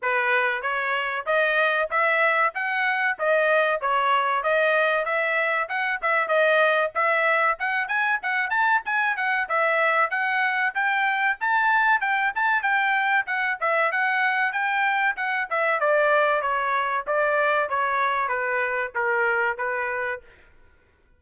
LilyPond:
\new Staff \with { instrumentName = "trumpet" } { \time 4/4 \tempo 4 = 95 b'4 cis''4 dis''4 e''4 | fis''4 dis''4 cis''4 dis''4 | e''4 fis''8 e''8 dis''4 e''4 | fis''8 gis''8 fis''8 a''8 gis''8 fis''8 e''4 |
fis''4 g''4 a''4 g''8 a''8 | g''4 fis''8 e''8 fis''4 g''4 | fis''8 e''8 d''4 cis''4 d''4 | cis''4 b'4 ais'4 b'4 | }